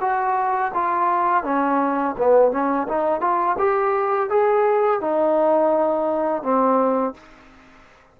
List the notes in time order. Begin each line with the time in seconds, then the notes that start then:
0.00 F#4
0.74 F4
1.44 C#4
2.17 B3
2.52 C#4
2.88 D#4
3.21 F4
3.58 G4
4.30 G#4
5.00 D#4
6.43 C4